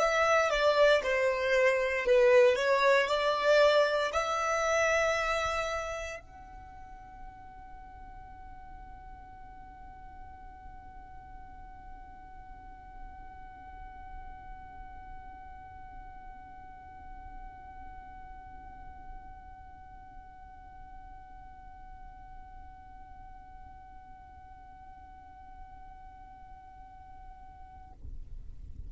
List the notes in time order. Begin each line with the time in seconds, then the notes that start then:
0.00 E5
0.51 D5
1.03 C5
2.06 B4
2.56 C#5
3.08 D5
4.13 E5
6.20 F#5